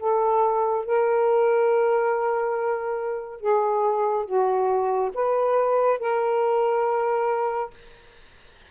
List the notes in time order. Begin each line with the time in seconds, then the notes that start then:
0.00 A4
0.86 A#4
3.41 G#4
4.26 F#4
5.14 B4
6.00 A#4